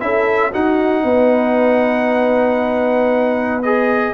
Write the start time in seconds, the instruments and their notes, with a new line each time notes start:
0.00 tuba C#4, trombone E4, horn A4, trumpet E5
0.51 trombone D#4, tuba D#4, horn F#4, trumpet F#5
1.04 tuba B3, horn B4
3.63 trombone G#4, trumpet D#5